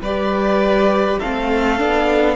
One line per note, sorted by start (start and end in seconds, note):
0.00 1.18 G3
0.00 1.22 G4
0.00 1.19 B4
0.00 1.19 D5
1.19 1.80 A3
1.19 1.78 C4
1.19 2.36 A4
1.19 2.36 F5
1.78 2.36 B3
1.78 2.36 D4